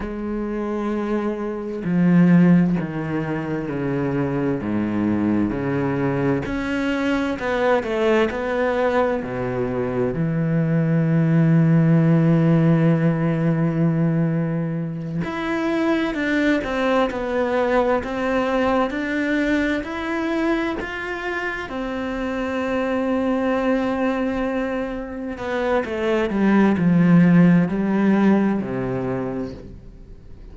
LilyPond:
\new Staff \with { instrumentName = "cello" } { \time 4/4 \tempo 4 = 65 gis2 f4 dis4 | cis4 gis,4 cis4 cis'4 | b8 a8 b4 b,4 e4~ | e1~ |
e8 e'4 d'8 c'8 b4 c'8~ | c'8 d'4 e'4 f'4 c'8~ | c'2.~ c'8 b8 | a8 g8 f4 g4 c4 | }